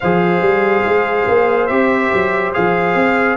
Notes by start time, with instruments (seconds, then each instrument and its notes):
0.00 tuba F3, trombone G#4, horn C5, trumpet F5
0.41 tuba G3
0.84 tuba G#3
1.27 tuba A#3
1.67 tuba C4, trombone G4, trumpet E5
2.13 tuba F#3
2.53 tuba F3, trombone G#4, trumpet F5
2.94 tuba C4